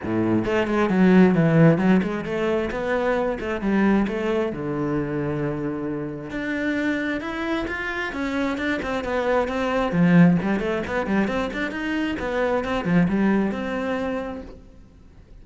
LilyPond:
\new Staff \with { instrumentName = "cello" } { \time 4/4 \tempo 4 = 133 a,4 a8 gis8 fis4 e4 | fis8 gis8 a4 b4. a8 | g4 a4 d2~ | d2 d'2 |
e'4 f'4 cis'4 d'8 c'8 | b4 c'4 f4 g8 a8 | b8 g8 c'8 d'8 dis'4 b4 | c'8 f8 g4 c'2 | }